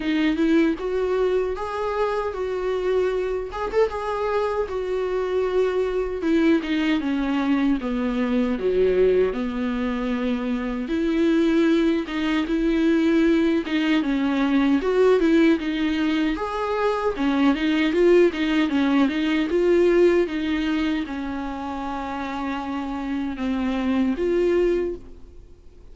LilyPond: \new Staff \with { instrumentName = "viola" } { \time 4/4 \tempo 4 = 77 dis'8 e'8 fis'4 gis'4 fis'4~ | fis'8 gis'16 a'16 gis'4 fis'2 | e'8 dis'8 cis'4 b4 fis4 | b2 e'4. dis'8 |
e'4. dis'8 cis'4 fis'8 e'8 | dis'4 gis'4 cis'8 dis'8 f'8 dis'8 | cis'8 dis'8 f'4 dis'4 cis'4~ | cis'2 c'4 f'4 | }